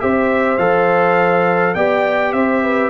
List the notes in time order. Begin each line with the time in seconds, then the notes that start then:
0.00 C4 G4 C5 E5
0.58 F3 A4 F5
1.75 B3 G4 D5 G5
2.33 C4 C5 E5
2.64 B4